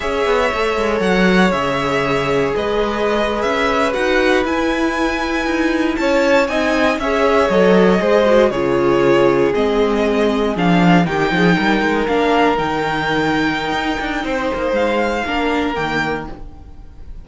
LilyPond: <<
  \new Staff \with { instrumentName = "violin" } { \time 4/4 \tempo 4 = 118 e''2 fis''4 e''4~ | e''4 dis''4.~ dis''16 e''4 fis''16~ | fis''8. gis''2. a''16~ | a''8. gis''4 e''4 dis''4~ dis''16~ |
dis''8. cis''2 dis''4~ dis''16~ | dis''8. f''4 g''2 f''16~ | f''8. g''2.~ g''16~ | g''4 f''2 g''4 | }
  \new Staff \with { instrumentName = "violin" } { \time 4/4 cis''1~ | cis''4 b'2.~ | b'2.~ b'8. cis''16~ | cis''8. dis''4 cis''2 c''16~ |
c''8. gis'2.~ gis'16~ | gis'4.~ gis'16 g'8 gis'8 ais'4~ ais'16~ | ais'1 | c''2 ais'2 | }
  \new Staff \with { instrumentName = "viola" } { \time 4/4 gis'4 a'2 gis'4~ | gis'2.~ gis'8. fis'16~ | fis'8. e'2.~ e'16~ | e'8. dis'4 gis'4 a'4 gis'16~ |
gis'16 fis'8 f'2 c'4~ c'16~ | c'8. d'4 dis'2 d'16~ | d'8. dis'2.~ dis'16~ | dis'2 d'4 ais4 | }
  \new Staff \with { instrumentName = "cello" } { \time 4/4 cis'8 b8 a8 gis8 fis4 cis4~ | cis4 gis4.~ gis16 cis'4 dis'16~ | dis'8. e'2 dis'4 cis'16~ | cis'8. c'4 cis'4 fis4 gis16~ |
gis8. cis2 gis4~ gis16~ | gis8. f4 dis8 f8 g8 gis8 ais16~ | ais8. dis2~ dis16 dis'8 d'8 | c'8 ais8 gis4 ais4 dis4 | }
>>